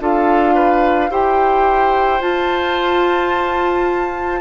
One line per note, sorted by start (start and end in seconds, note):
0.00 1.10 D4
0.00 1.10 F4
0.00 0.55 A4
0.00 1.12 F5
0.55 1.10 B4
1.10 2.21 E4
1.10 2.21 G4
1.10 4.41 C5
1.10 2.22 G5
2.21 4.41 F4
2.21 4.41 A5